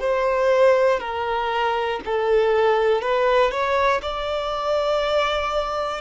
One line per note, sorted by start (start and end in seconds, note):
0.00 1.00 C5
1.00 2.00 A#4
2.05 3.01 A4
3.01 3.51 B4
3.51 4.01 C#5
4.02 6.01 D5